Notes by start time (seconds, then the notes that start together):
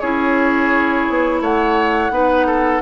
0.00 C#4 E4 G#4 C#5
1.09 B3
1.41 A3 C#5 F#5
2.10 B3 D#4 B4
2.46 A4